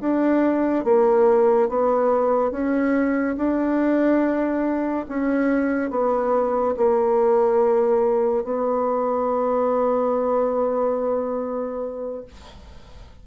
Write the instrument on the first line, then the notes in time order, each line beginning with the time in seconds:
bassoon
0.00 D4
0.85 A#3
1.69 B3
2.51 C#4
3.37 D4
5.08 C#4
5.90 B3
6.77 A#3
8.44 B3